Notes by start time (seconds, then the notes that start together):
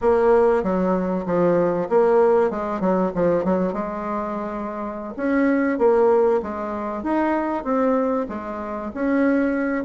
0.01 A#3
0.63 F#3
1.26 F3
1.89 A#3
2.50 G#3
2.80 F#3
3.14 F3
3.44 F#3
3.73 G#3
5.16 C#4
5.78 A#3
6.42 G#3
7.03 D#4
7.64 C4
8.28 G#3
8.94 C#4